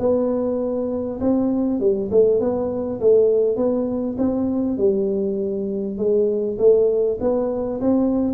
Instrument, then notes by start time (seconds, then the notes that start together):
tuba
0.00 B3
1.21 C4
1.81 G3
2.12 A3
2.41 B3
3.01 A3
3.57 B3
4.19 C4
4.78 G3
5.98 G#3
6.59 A3
7.21 B3
7.81 C4